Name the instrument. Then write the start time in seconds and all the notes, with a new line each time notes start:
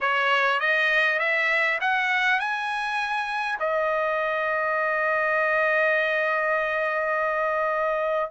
trumpet
0.00 C#5
0.59 D#5
1.19 E5
1.80 F#5
2.39 G#5
3.59 D#5